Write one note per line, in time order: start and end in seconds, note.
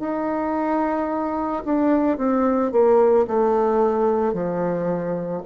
0.00 1.64 D#4
1.66 2.18 D4
2.18 2.72 C4
2.72 3.27 A#3
3.28 4.34 A3
4.34 5.43 F3